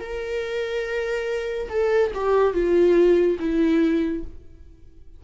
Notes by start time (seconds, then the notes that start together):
0.00 A#4
1.70 A4
2.15 G4
2.54 F4
3.40 E4